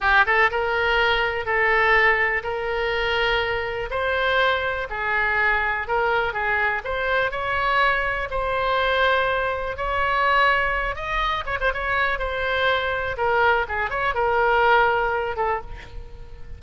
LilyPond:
\new Staff \with { instrumentName = "oboe" } { \time 4/4 \tempo 4 = 123 g'8 a'8 ais'2 a'4~ | a'4 ais'2. | c''2 gis'2 | ais'4 gis'4 c''4 cis''4~ |
cis''4 c''2. | cis''2~ cis''8 dis''4 cis''16 c''16 | cis''4 c''2 ais'4 | gis'8 cis''8 ais'2~ ais'8 a'8 | }